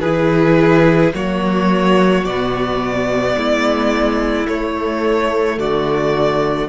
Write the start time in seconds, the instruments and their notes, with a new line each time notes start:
0.00 cello E3, viola E4, violin G#4 B4
1.13 cello F#3, viola A#3, violin F#4 C#5
2.24 cello B2, viola B3, violin D5
3.35 cello G#3, violin E4
4.46 viola A3, cello A3, violin C#5
5.57 cello D3, violin F#4 D5